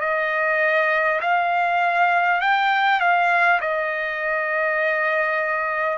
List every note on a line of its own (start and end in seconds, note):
0.00 1.20 D#5
1.21 2.41 F5
2.41 3.00 G5
3.00 3.60 F5
3.61 5.98 D#5